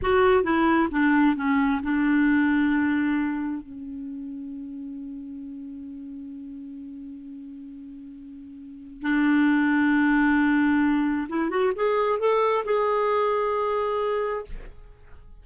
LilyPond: \new Staff \with { instrumentName = "clarinet" } { \time 4/4 \tempo 4 = 133 fis'4 e'4 d'4 cis'4 | d'1 | cis'1~ | cis'1~ |
cis'1 | d'1~ | d'4 e'8 fis'8 gis'4 a'4 | gis'1 | }